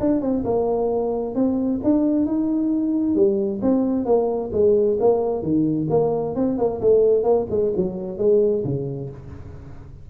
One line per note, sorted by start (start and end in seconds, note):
0.00 0.21 D4
0.21 0.44 C4
0.44 1.35 A#3
1.35 1.80 C4
1.83 2.25 D4
2.25 3.15 D#4
3.15 3.61 G3
3.62 4.05 C4
4.05 4.50 A#3
4.52 4.98 G#3
5.00 5.42 A#3
5.42 5.88 D#3
5.89 6.35 A#3
6.35 6.58 C4
6.58 6.80 A#3
6.81 7.23 A3
7.23 7.46 A#3
7.50 7.73 G#3
7.76 8.18 F#3
8.18 8.63 G#3
8.64 9.09 C#3